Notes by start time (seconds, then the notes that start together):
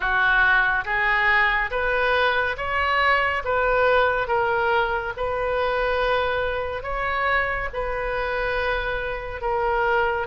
0.00 F#4
0.84 G#4
1.70 B4
2.57 C#5
3.44 B4
4.27 A#4
5.16 B4
6.83 C#5
7.73 B4
9.41 A#4